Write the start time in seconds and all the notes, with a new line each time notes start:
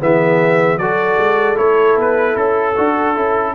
0.00 E3 B3 G#4 E5
0.77 F#3 F#4 A4 D5
1.17 G#3
1.55 A3 E4 C#5
1.96 B3 B4
2.36 C#4 A4
2.76 D4 F#4
3.15 C#4 E4